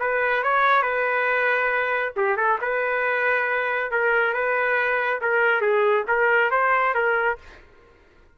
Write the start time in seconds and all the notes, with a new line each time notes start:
0.00 B4
0.44 C#5
0.83 B4
2.17 G4
2.37 A4
2.62 B4
3.92 A#4
4.34 B4
5.22 A#4
5.62 G#4
6.08 A#4
6.51 C5
6.95 A#4